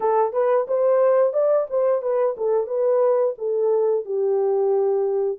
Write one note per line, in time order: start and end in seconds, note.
0.00 0.32 A4
0.32 0.66 B4
0.67 1.33 C5
1.33 1.67 D5
1.69 2.01 C5
2.01 2.35 B4
2.37 2.66 A4
2.66 3.34 B4
3.37 4.05 A4
4.05 5.38 G4